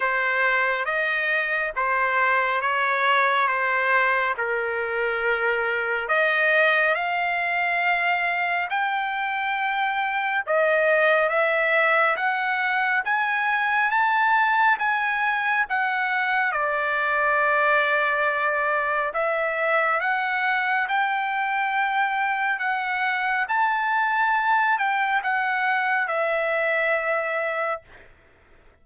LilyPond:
\new Staff \with { instrumentName = "trumpet" } { \time 4/4 \tempo 4 = 69 c''4 dis''4 c''4 cis''4 | c''4 ais'2 dis''4 | f''2 g''2 | dis''4 e''4 fis''4 gis''4 |
a''4 gis''4 fis''4 d''4~ | d''2 e''4 fis''4 | g''2 fis''4 a''4~ | a''8 g''8 fis''4 e''2 | }